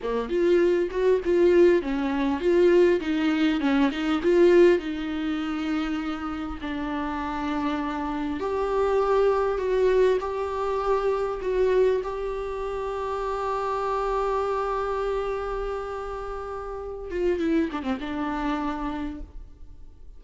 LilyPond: \new Staff \with { instrumentName = "viola" } { \time 4/4 \tempo 4 = 100 ais8 f'4 fis'8 f'4 cis'4 | f'4 dis'4 cis'8 dis'8 f'4 | dis'2. d'4~ | d'2 g'2 |
fis'4 g'2 fis'4 | g'1~ | g'1~ | g'8 f'8 e'8 d'16 c'16 d'2 | }